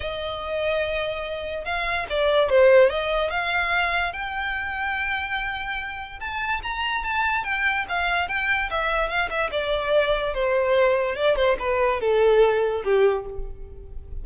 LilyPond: \new Staff \with { instrumentName = "violin" } { \time 4/4 \tempo 4 = 145 dis''1 | f''4 d''4 c''4 dis''4 | f''2 g''2~ | g''2. a''4 |
ais''4 a''4 g''4 f''4 | g''4 e''4 f''8 e''8 d''4~ | d''4 c''2 d''8 c''8 | b'4 a'2 g'4 | }